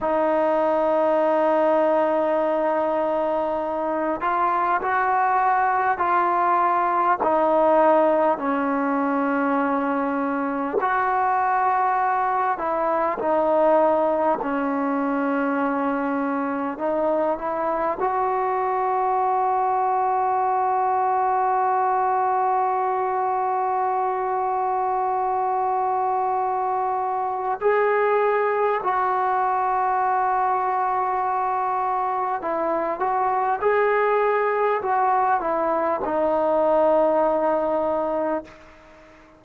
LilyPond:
\new Staff \with { instrumentName = "trombone" } { \time 4/4 \tempo 4 = 50 dis'2.~ dis'8 f'8 | fis'4 f'4 dis'4 cis'4~ | cis'4 fis'4. e'8 dis'4 | cis'2 dis'8 e'8 fis'4~ |
fis'1~ | fis'2. gis'4 | fis'2. e'8 fis'8 | gis'4 fis'8 e'8 dis'2 | }